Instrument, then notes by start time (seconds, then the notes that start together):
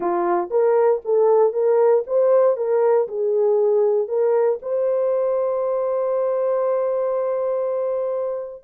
horn
0.00 F4
0.50 A#4
1.04 A4
1.52 A#4
2.07 C5
2.57 A#4
3.07 G#4
4.08 A#4
4.61 C5